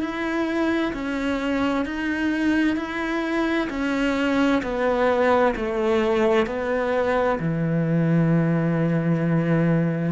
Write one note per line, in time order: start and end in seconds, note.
0.00 0.92 E4
0.93 1.85 C#4
1.85 2.76 D#4
2.76 3.68 E4
3.69 4.62 C#4
4.62 5.54 B3
5.56 6.46 A3
6.46 7.38 B3
7.39 10.12 E3